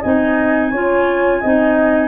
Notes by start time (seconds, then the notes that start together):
0.00 C4 D#4 D#5 G#5
0.70 C#4 F4 C#5
1.41 C4 D#4 D#5